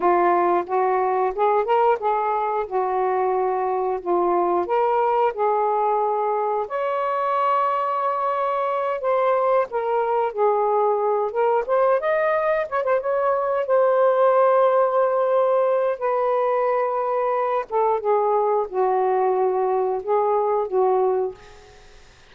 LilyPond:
\new Staff \with { instrumentName = "saxophone" } { \time 4/4 \tempo 4 = 90 f'4 fis'4 gis'8 ais'8 gis'4 | fis'2 f'4 ais'4 | gis'2 cis''2~ | cis''4. c''4 ais'4 gis'8~ |
gis'4 ais'8 c''8 dis''4 cis''16 c''16 cis''8~ | cis''8 c''2.~ c''8 | b'2~ b'8 a'8 gis'4 | fis'2 gis'4 fis'4 | }